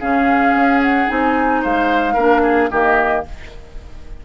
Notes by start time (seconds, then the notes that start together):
0.00 C#3 C#4 G#4 F5
0.54 C#4
0.82 F#5
1.07 C4 D#4 G#5
1.62 G#3 C5 F5
2.14 A#3 D4 A#4
2.43 G#4
2.71 D#3 A#3 G4 D#5